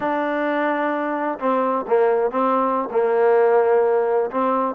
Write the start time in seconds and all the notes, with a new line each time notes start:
0.00 D4
1.39 C4
1.87 A#3
2.30 C4
2.90 A#3
4.30 C4